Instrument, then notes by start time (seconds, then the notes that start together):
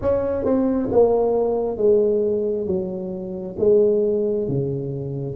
tuba
0.01 C#4
0.44 C4
0.91 A#3
1.77 G#3
2.66 F#3
3.59 G#3
4.48 C#3